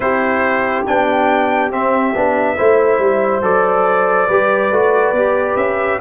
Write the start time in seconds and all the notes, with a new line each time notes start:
0.00 C4 E4 G4 C5
0.86 B3 D4 G5
1.71 C4 E5
2.15 B3 D4
2.56 A3 E4 C5
2.99 G3
3.42 F#3 A4 D5
4.27 G3 G4 B4
4.71 A3 F#4
5.12 B3 G4
5.56 C#4 E5